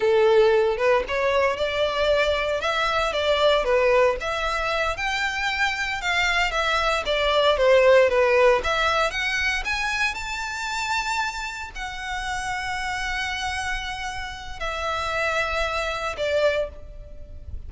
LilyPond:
\new Staff \with { instrumentName = "violin" } { \time 4/4 \tempo 4 = 115 a'4. b'8 cis''4 d''4~ | d''4 e''4 d''4 b'4 | e''4. g''2 f''8~ | f''8 e''4 d''4 c''4 b'8~ |
b'8 e''4 fis''4 gis''4 a''8~ | a''2~ a''8 fis''4.~ | fis''1 | e''2. d''4 | }